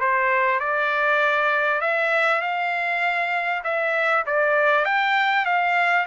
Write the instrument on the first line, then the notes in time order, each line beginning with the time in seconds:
trumpet
0.00 C5
0.60 D5
1.81 E5
2.41 F5
3.64 E5
4.26 D5
4.85 G5
5.45 F5